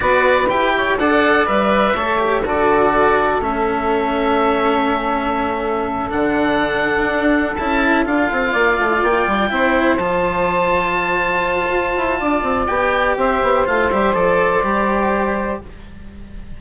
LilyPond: <<
  \new Staff \with { instrumentName = "oboe" } { \time 4/4 \tempo 4 = 123 d''4 g''4 fis''4 e''4~ | e''4 d''2 e''4~ | e''1~ | e''8 fis''2. a''8~ |
a''8 f''2 g''4.~ | g''8 a''2.~ a''8~ | a''2 g''4 e''4 | f''8 e''8 d''2. | }
  \new Staff \with { instrumentName = "saxophone" } { \time 4/4 b'4. cis''8 d''2 | cis''4 a'2.~ | a'1~ | a'1~ |
a'4. d''2 c''8~ | c''1~ | c''4 d''2 c''4~ | c''1 | }
  \new Staff \with { instrumentName = "cello" } { \time 4/4 fis'4 g'4 a'4 b'4 | a'8 g'8 fis'2 cis'4~ | cis'1~ | cis'8 d'2. e'8~ |
e'8 f'2. e'8~ | e'8 f'2.~ f'8~ | f'2 g'2 | f'8 g'8 a'4 g'2 | }
  \new Staff \with { instrumentName = "bassoon" } { \time 4/4 b4 e'4 d'4 g4 | a4 d2 a4~ | a1~ | a8 d2 d'4 cis'8~ |
cis'8 d'8 c'8 ais8 a8 ais8 g8 c'8~ | c'8 f2.~ f8 | f'8 e'8 d'8 c'8 b4 c'8 b8 | a8 g8 f4 g2 | }
>>